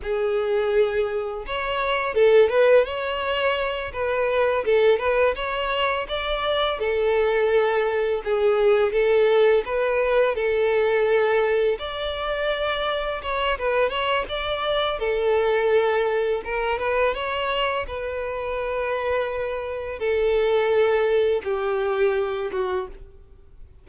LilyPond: \new Staff \with { instrumentName = "violin" } { \time 4/4 \tempo 4 = 84 gis'2 cis''4 a'8 b'8 | cis''4. b'4 a'8 b'8 cis''8~ | cis''8 d''4 a'2 gis'8~ | gis'8 a'4 b'4 a'4.~ |
a'8 d''2 cis''8 b'8 cis''8 | d''4 a'2 ais'8 b'8 | cis''4 b'2. | a'2 g'4. fis'8 | }